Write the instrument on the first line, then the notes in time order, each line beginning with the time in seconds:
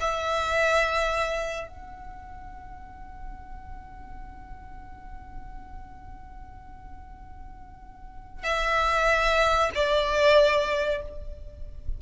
violin
0.00 E5
1.68 F#5
8.44 E5
9.75 D5